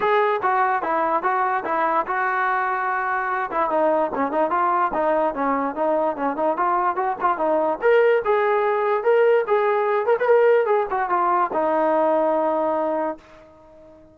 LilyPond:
\new Staff \with { instrumentName = "trombone" } { \time 4/4 \tempo 4 = 146 gis'4 fis'4 e'4 fis'4 | e'4 fis'2.~ | fis'8 e'8 dis'4 cis'8 dis'8 f'4 | dis'4 cis'4 dis'4 cis'8 dis'8 |
f'4 fis'8 f'8 dis'4 ais'4 | gis'2 ais'4 gis'4~ | gis'8 ais'16 b'16 ais'4 gis'8 fis'8 f'4 | dis'1 | }